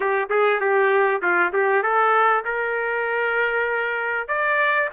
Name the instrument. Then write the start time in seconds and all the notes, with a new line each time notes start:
trumpet
0.00 G4
0.29 G#4
0.60 G4
1.22 F4
1.53 G4
1.83 A4
2.45 A#4
4.28 D5